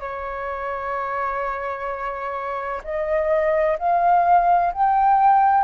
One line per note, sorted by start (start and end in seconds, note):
0.00 2.81 C#5
2.84 3.78 D#5
3.79 4.73 F5
4.73 5.64 G5